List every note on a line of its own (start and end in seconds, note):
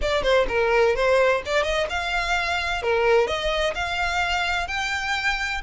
0.01 0.22 D5
0.22 0.46 C5
0.48 0.95 A#4
0.95 1.42 C5
1.45 1.63 D5
1.63 1.87 D#5
1.89 2.82 F5
2.82 3.27 A#4
3.27 3.74 D#5
3.74 4.67 F5
4.67 5.61 G5